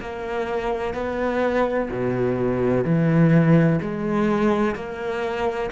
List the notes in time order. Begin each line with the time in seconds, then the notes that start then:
0.00 A#3
0.94 B3
1.90 B2
2.84 E3
3.81 G#3
4.75 A#3